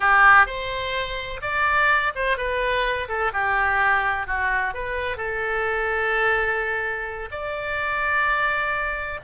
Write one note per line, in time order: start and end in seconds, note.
0.00 0.46 G4
0.46 1.40 C5
1.41 2.12 D5
2.15 2.37 C5
2.37 3.08 B4
3.08 3.32 A4
3.32 4.26 G4
4.26 4.74 F#4
4.74 5.16 B4
5.16 7.29 A4
7.31 9.20 D5